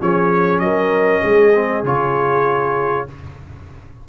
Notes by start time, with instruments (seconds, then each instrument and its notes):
0.00 tuba F3, trombone C#4, horn G#4, trumpet C#5
0.59 tuba F#3, horn A#4, trumpet D#5
1.24 tuba G#3, horn G#4
1.55 trombone C4
1.83 tuba C#3, trombone F4, trumpet C#5